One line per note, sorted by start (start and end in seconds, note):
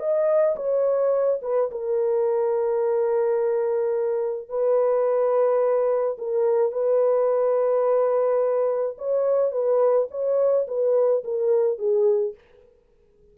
0.00 0.56 D#5
0.56 1.40 C#5
1.42 1.70 B4
1.72 4.49 A#4
4.49 6.17 B4
6.18 6.72 A#4
6.72 8.97 B4
8.98 9.52 C#5
9.52 10.08 B4
10.11 10.67 C#5
10.68 11.24 B4
11.24 11.79 A#4
11.79 12.35 G#4